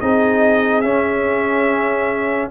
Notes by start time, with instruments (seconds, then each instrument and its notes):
0.00 tuba C4, trombone D#4, horn G#4, trumpet D#5
0.81 tuba C#4, trombone C#4, trumpet E5